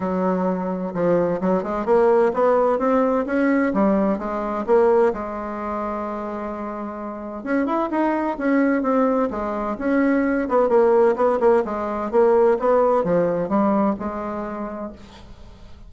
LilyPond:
\new Staff \with { instrumentName = "bassoon" } { \time 4/4 \tempo 4 = 129 fis2 f4 fis8 gis8 | ais4 b4 c'4 cis'4 | g4 gis4 ais4 gis4~ | gis1 |
cis'8 e'8 dis'4 cis'4 c'4 | gis4 cis'4. b8 ais4 | b8 ais8 gis4 ais4 b4 | f4 g4 gis2 | }